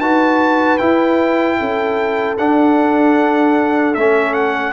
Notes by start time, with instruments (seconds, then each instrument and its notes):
0.00 tuba D#4, trombone F#4, horn B4, trumpet A5
0.78 trombone E4, tuba E4, trumpet G5
1.59 tuba C#4, horn A4
2.38 tuba D4, trombone D4, trumpet F#5
3.95 tuba A3, trombone C#4, trumpet E5
4.34 trumpet F#5